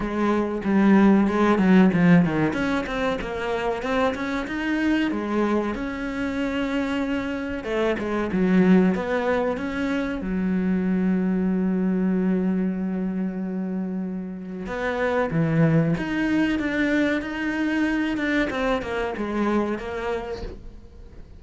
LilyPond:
\new Staff \with { instrumentName = "cello" } { \time 4/4 \tempo 4 = 94 gis4 g4 gis8 fis8 f8 dis8 | cis'8 c'8 ais4 c'8 cis'8 dis'4 | gis4 cis'2. | a8 gis8 fis4 b4 cis'4 |
fis1~ | fis2. b4 | e4 dis'4 d'4 dis'4~ | dis'8 d'8 c'8 ais8 gis4 ais4 | }